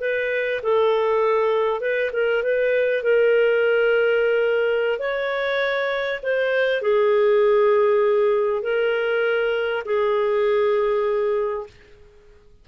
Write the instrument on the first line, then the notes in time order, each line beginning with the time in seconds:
clarinet
0.00 B4
0.63 A4
1.80 B4
2.12 A#4
2.43 B4
3.03 A#4
4.99 C#5
6.23 C5
6.82 G#4
8.62 A#4
9.85 G#4